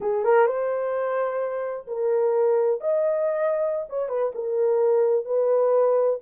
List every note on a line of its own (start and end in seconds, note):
0.01 0.24 G#4
0.24 0.46 A#4
0.46 1.86 C5
1.87 2.80 A#4
2.80 3.86 D#5
3.89 4.08 C#5
4.08 4.32 B4
4.34 5.25 A#4
5.25 6.19 B4